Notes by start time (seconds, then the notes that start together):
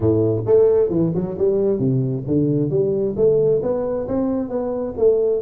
0.00 A2
0.46 A3
0.89 E3
1.14 F#3
1.38 G3
1.79 C3
2.27 D3
2.70 G3
3.16 A3
3.62 B3
4.07 C4
4.49 B3
4.97 A3